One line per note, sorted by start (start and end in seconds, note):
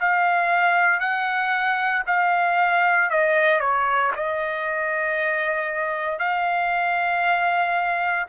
0.00 1.00 F5
1.00 2.04 F#5
2.07 3.10 F5
3.11 3.61 D#5
3.61 4.12 C#5
4.16 6.19 D#5
6.19 8.26 F5